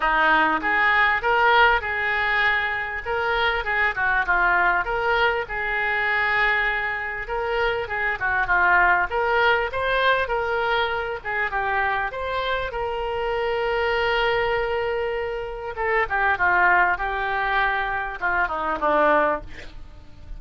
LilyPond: \new Staff \with { instrumentName = "oboe" } { \time 4/4 \tempo 4 = 99 dis'4 gis'4 ais'4 gis'4~ | gis'4 ais'4 gis'8 fis'8 f'4 | ais'4 gis'2. | ais'4 gis'8 fis'8 f'4 ais'4 |
c''4 ais'4. gis'8 g'4 | c''4 ais'2.~ | ais'2 a'8 g'8 f'4 | g'2 f'8 dis'8 d'4 | }